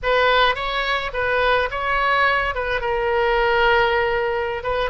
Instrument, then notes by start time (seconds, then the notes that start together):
oboe
0.02 B4
0.55 C#5
1.13 B4
1.71 C#5
2.54 B4
2.80 A#4
4.63 B4